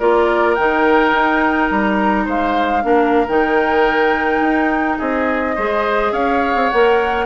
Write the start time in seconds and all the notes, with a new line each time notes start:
0.00 A#3 F4 A#4 D5
0.55 D#3 D#4 G5
1.13 D#4
1.71 G3 A#5
2.26 G#3 C5 F5
2.83 A#3 D4 A#4
3.29 D#3 D#4 G5
4.41 D#4
4.99 C4 G#4 D#5
5.56 G#3 G#4 C5
6.12 C#4 C#5 F5
6.56 C4
6.70 A#3 A#4 F#5